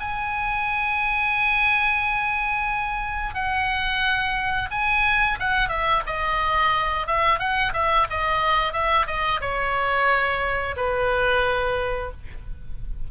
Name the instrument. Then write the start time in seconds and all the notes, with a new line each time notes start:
oboe
0.00 G#5
3.34 F#5
4.71 G#5
5.39 F#5
5.69 E5
6.06 D#5
7.07 E5
7.39 F#5
7.73 E5
8.10 D#5
8.73 E5
9.06 D#5
9.41 C#5
10.77 B4